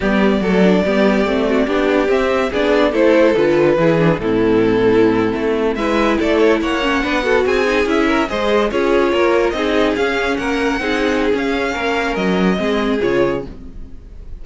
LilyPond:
<<
  \new Staff \with { instrumentName = "violin" } { \time 4/4 \tempo 4 = 143 d''1~ | d''4 e''4 d''4 c''4 | b'2 a'2~ | a'4.~ a'16 e''4 d''8 cis''8 fis''16~ |
fis''4.~ fis''16 gis''4 e''4 dis''16~ | dis''8. cis''2 dis''4 f''16~ | f''8. fis''2~ fis''16 f''4~ | f''4 dis''2 cis''4 | }
  \new Staff \with { instrumentName = "violin" } { \time 4/4 g'4 a'4 g'4. fis'8 | g'2 gis'4 a'4~ | a'4 gis'4 e'2~ | e'4.~ e'16 b'4 a'4 cis''16~ |
cis''8. b'8 a'8 gis'4. ais'8 c''16~ | c''8. gis'4 ais'4 gis'4~ gis'16~ | gis'8. ais'4 gis'2~ gis'16 | ais'2 gis'2 | }
  \new Staff \with { instrumentName = "viola" } { \time 4/4 b4 a8 d'8 b4 c'4 | d'4 c'4 d'4 e'4 | f'4 e'8 d'8 c'2~ | c'4.~ c'16 e'2~ e'16~ |
e'16 cis'8 d'8 fis'4 dis'8 e'4 gis'16~ | gis'8. f'2 dis'4 cis'16~ | cis'4.~ cis'16 dis'4~ dis'16 cis'4~ | cis'2 c'4 f'4 | }
  \new Staff \with { instrumentName = "cello" } { \time 4/4 g4 fis4 g4 a4 | b4 c'4 b4 a4 | d4 e4 a,2~ | a,8. a4 gis4 a4 ais16~ |
ais8. b4 c'4 cis'4 gis16~ | gis8. cis'4 ais4 c'4 cis'16~ | cis'8. ais4 c'4~ c'16 cis'4 | ais4 fis4 gis4 cis4 | }
>>